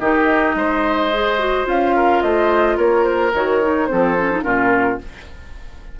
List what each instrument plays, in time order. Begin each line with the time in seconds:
0.00 bassoon D#3, clarinet D#4, oboe G4, flute D#5
0.55 bassoon G#3, oboe C5
1.13 clarinet G#4
1.39 clarinet F#4
1.65 bassoon C#4, clarinet F4, flute F5
1.96 oboe A#4
2.21 bassoon A3, oboe C5, flute D#5
2.77 bassoon A#3, oboe A#4, flute C#5
3.04 flute C5
3.34 bassoon D#3, clarinet F#4, flute C#5
3.61 clarinet D#4
3.87 bassoon F3, clarinet C4, oboe A4, flute C5
4.18 clarinet C#4
4.31 clarinet D#4
4.43 bassoon A#2, clarinet C#4, oboe F4, flute A#4